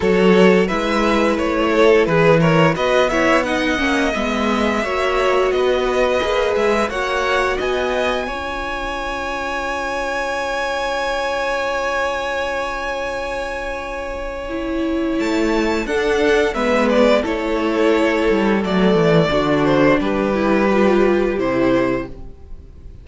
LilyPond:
<<
  \new Staff \with { instrumentName = "violin" } { \time 4/4 \tempo 4 = 87 cis''4 e''4 cis''4 b'8 cis''8 | dis''8 e''8 fis''4 e''2 | dis''4. e''8 fis''4 gis''4~ | gis''1~ |
gis''1~ | gis''2 a''4 fis''4 | e''8 d''8 cis''2 d''4~ | d''8 c''8 b'2 c''4 | }
  \new Staff \with { instrumentName = "violin" } { \time 4/4 a'4 b'4. a'8 gis'8 ais'8 | b'8 cis''8 dis''2 cis''4 | b'2 cis''4 dis''4 | cis''1~ |
cis''1~ | cis''2. a'4 | b'4 a'2. | fis'4 g'2. | }
  \new Staff \with { instrumentName = "viola" } { \time 4/4 fis'4 e'2. | fis'8 e'8 dis'8 cis'8 b4 fis'4~ | fis'4 gis'4 fis'2 | f'1~ |
f'1~ | f'4 e'2 d'4 | b4 e'2 a4 | d'4. e'8 f'4 e'4 | }
  \new Staff \with { instrumentName = "cello" } { \time 4/4 fis4 gis4 a4 e4 | b4. ais8 gis4 ais4 | b4 ais8 gis8 ais4 b4 | cis'1~ |
cis'1~ | cis'2 a4 d'4 | gis4 a4. g8 fis8 e8 | d4 g2 c4 | }
>>